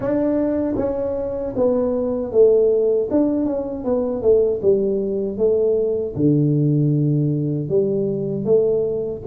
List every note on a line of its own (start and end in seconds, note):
0.00 0.75 D4
0.76 1.53 C#4
1.55 2.31 B3
2.31 3.08 A3
3.10 3.45 D4
3.45 3.84 C#4
3.84 4.22 B3
4.22 4.60 A3
4.62 5.37 G3
5.37 6.14 A3
6.15 7.69 D3
7.69 8.44 G3
8.44 9.21 A3